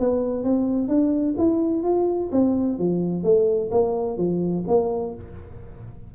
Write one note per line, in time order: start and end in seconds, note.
0.00 0.44 B3
0.44 0.89 C4
0.89 1.36 D4
1.38 1.84 E4
1.84 2.31 F4
2.32 2.79 C4
2.79 3.24 F3
3.24 3.71 A3
3.72 4.18 A#3
4.18 4.65 F3
4.68 5.15 A#3